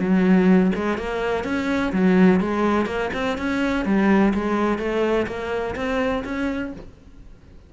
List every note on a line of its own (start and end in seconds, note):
0.00 0.72 F#3
0.76 0.98 G#3
0.98 1.45 A#3
1.45 1.93 C#4
1.93 2.41 F#3
2.41 2.86 G#3
2.86 3.10 A#3
3.14 3.38 C4
3.38 3.86 C#4
3.86 4.34 G3
4.35 4.79 G#3
4.79 5.27 A3
5.28 5.76 A#3
5.76 6.24 C4
6.25 6.73 C#4